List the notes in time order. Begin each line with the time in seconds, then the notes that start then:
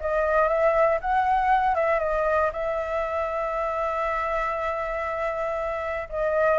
0.00 D#5
0.48 E5
1.01 F#5
1.75 E5
1.99 D#5
2.52 E5
6.09 D#5